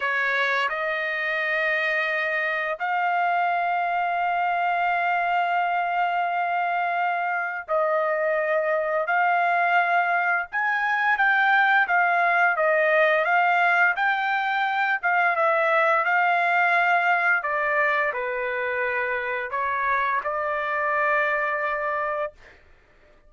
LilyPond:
\new Staff \with { instrumentName = "trumpet" } { \time 4/4 \tempo 4 = 86 cis''4 dis''2. | f''1~ | f''2. dis''4~ | dis''4 f''2 gis''4 |
g''4 f''4 dis''4 f''4 | g''4. f''8 e''4 f''4~ | f''4 d''4 b'2 | cis''4 d''2. | }